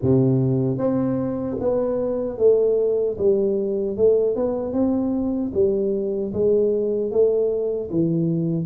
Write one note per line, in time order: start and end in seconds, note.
0.01 0.78 C3
0.78 1.56 C4
1.60 2.38 B3
2.38 3.17 A3
3.18 3.97 G3
3.97 4.35 A3
4.35 4.73 B3
4.73 5.52 C4
5.54 6.33 G3
6.33 7.11 G#3
7.11 7.89 A3
7.90 8.66 E3